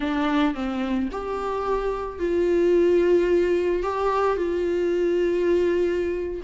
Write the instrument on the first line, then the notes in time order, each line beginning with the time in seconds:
viola
0.00 D4
0.54 C4
1.11 G4
2.19 F4
3.83 G4
4.36 F4